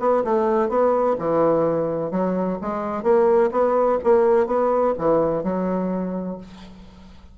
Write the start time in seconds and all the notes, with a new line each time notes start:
0.00 B3
0.25 A3
0.69 B3
1.19 E3
2.12 F#3
2.62 G#3
3.03 A#3
3.52 B3
4.04 A#3
4.47 B3
4.99 E3
5.44 F#3